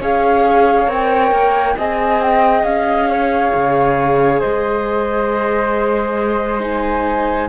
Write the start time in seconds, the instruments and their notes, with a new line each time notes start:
0.00 cello C#4, viola G#4, flute C#5 F5
0.87 cello C4, viola A#4, flute G5
1.31 cello A#3
1.77 cello C4, viola G#4, flute D#5 G#5
2.22 flute G5
2.63 cello C#4, flute F5
3.10 flute C#5
3.54 cello C#3
4.40 cello G#3, flute C5 D#5
6.60 viola D#4, flute G#5